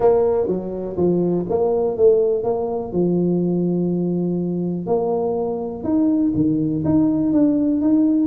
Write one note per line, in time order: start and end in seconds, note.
0.00 0.47 A#3
0.47 0.95 F#3
0.96 1.45 F3
1.49 1.97 A#3
1.97 2.43 A3
2.43 2.92 A#3
2.92 4.86 F3
4.86 5.83 A#3
5.83 6.32 D#4
6.35 6.83 D#3
6.84 7.33 D#4
7.33 7.81 D4
7.81 8.27 D#4